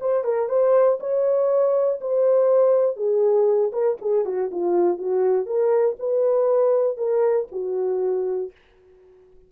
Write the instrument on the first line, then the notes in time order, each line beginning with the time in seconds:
horn
0.00 C5
0.24 A#4
0.48 C5
0.99 C#5
2.00 C5
2.96 G#4
3.72 A#4
4.01 G#4
4.25 F#4
4.51 F4
4.97 F#4
5.46 A#4
5.99 B4
6.97 A#4
7.51 F#4